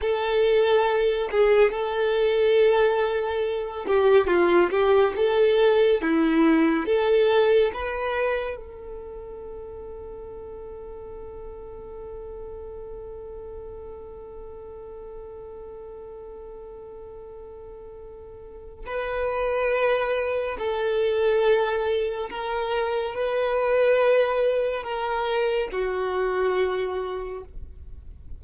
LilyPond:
\new Staff \with { instrumentName = "violin" } { \time 4/4 \tempo 4 = 70 a'4. gis'8 a'2~ | a'8 g'8 f'8 g'8 a'4 e'4 | a'4 b'4 a'2~ | a'1~ |
a'1~ | a'2 b'2 | a'2 ais'4 b'4~ | b'4 ais'4 fis'2 | }